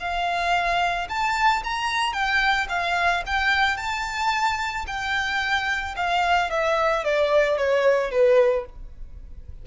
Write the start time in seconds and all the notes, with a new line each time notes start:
0.00 F5
1.09 A5
1.64 A#5
2.13 G5
2.69 F5
3.26 G5
3.77 A5
4.87 G5
5.97 F5
6.50 E5
7.04 D5
7.57 C#5
8.11 B4